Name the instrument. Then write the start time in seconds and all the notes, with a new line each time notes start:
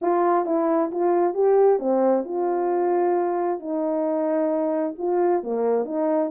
horn
0.01 F4
0.45 E4
0.91 F4
1.34 G4
1.79 C4
2.24 F4
3.59 D#4
4.98 F4
5.43 A#3
5.85 D#4